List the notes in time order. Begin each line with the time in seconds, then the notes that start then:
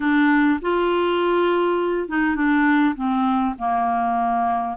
0.00 D4
0.61 F4
2.08 D#4
2.35 D4
2.95 C4
3.58 A#3